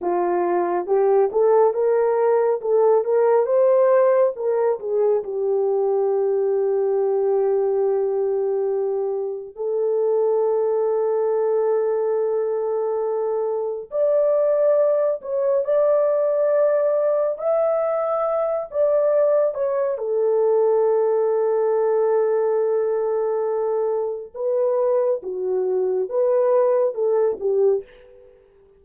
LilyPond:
\new Staff \with { instrumentName = "horn" } { \time 4/4 \tempo 4 = 69 f'4 g'8 a'8 ais'4 a'8 ais'8 | c''4 ais'8 gis'8 g'2~ | g'2. a'4~ | a'1 |
d''4. cis''8 d''2 | e''4. d''4 cis''8 a'4~ | a'1 | b'4 fis'4 b'4 a'8 g'8 | }